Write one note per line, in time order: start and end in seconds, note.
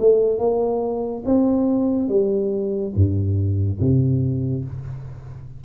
0.00 0.39 A3
0.39 1.23 A#3
1.25 2.09 C4
2.09 2.93 G3
2.95 3.80 G2
3.80 4.65 C3